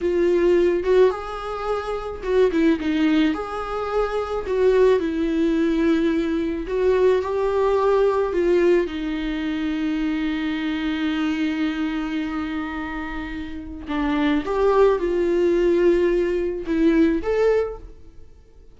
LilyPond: \new Staff \with { instrumentName = "viola" } { \time 4/4 \tempo 4 = 108 f'4. fis'8 gis'2 | fis'8 e'8 dis'4 gis'2 | fis'4 e'2. | fis'4 g'2 f'4 |
dis'1~ | dis'1~ | dis'4 d'4 g'4 f'4~ | f'2 e'4 a'4 | }